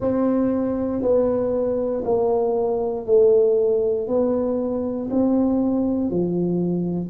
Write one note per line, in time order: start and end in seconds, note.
0.00 1.02 C4
1.02 2.03 B3
2.04 3.06 A#3
3.06 4.07 A3
4.07 5.09 B3
5.10 6.10 C4
6.10 7.09 F3